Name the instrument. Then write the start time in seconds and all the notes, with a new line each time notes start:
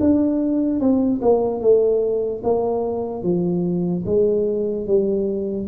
tuba
0.00 D4
0.80 C4
1.22 A#3
1.61 A3
2.44 A#3
3.23 F3
4.06 G#3
4.87 G3